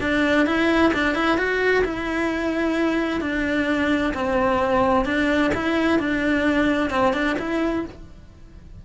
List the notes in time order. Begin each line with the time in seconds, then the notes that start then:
0.00 D4
0.46 E4
0.93 D4
1.15 E4
1.37 F#4
1.84 E4
3.20 D4
4.14 C4
5.05 D4
5.54 E4
5.99 D4
6.90 C4
7.13 D4
7.38 E4